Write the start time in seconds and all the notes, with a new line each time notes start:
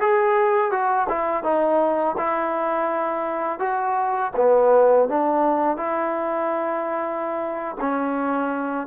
0.00 G#4
0.71 F#4
1.09 E4
1.43 D#4
2.17 E4
3.59 F#4
4.36 B3
5.08 D4
5.77 E4
7.80 C#4